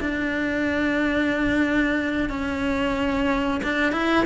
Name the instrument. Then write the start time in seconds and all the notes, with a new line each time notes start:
cello
0.00 D4
2.29 C#4
3.63 D4
3.92 E4